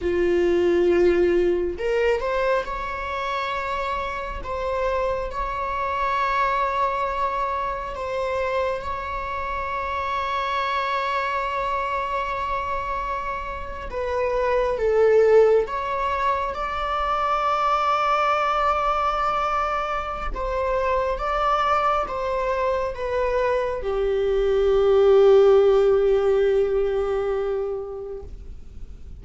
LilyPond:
\new Staff \with { instrumentName = "viola" } { \time 4/4 \tempo 4 = 68 f'2 ais'8 c''8 cis''4~ | cis''4 c''4 cis''2~ | cis''4 c''4 cis''2~ | cis''2.~ cis''8. b'16~ |
b'8. a'4 cis''4 d''4~ d''16~ | d''2. c''4 | d''4 c''4 b'4 g'4~ | g'1 | }